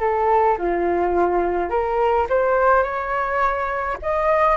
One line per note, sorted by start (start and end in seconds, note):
0.00 0.57 A4
0.58 1.70 F4
1.70 2.27 A#4
2.29 2.83 C5
2.83 3.97 C#5
4.02 4.57 D#5